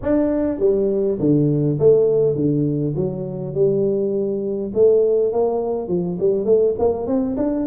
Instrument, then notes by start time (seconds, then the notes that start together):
tuba
0.02 D4
0.59 G3
1.19 D3
1.79 A3
2.35 D3
2.95 F#3
3.54 G3
4.74 A3
5.32 A#3
5.88 F3
6.19 G3
6.45 A3
6.78 A#3
7.06 C4
7.37 D4